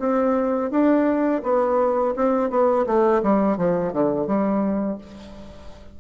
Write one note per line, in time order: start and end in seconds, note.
0.00 0.71 C4
0.71 1.43 D4
1.44 2.15 B3
2.17 2.51 C4
2.51 2.86 B3
2.87 3.22 A3
3.23 3.58 G3
3.58 3.93 F3
3.93 4.27 D3
4.27 4.99 G3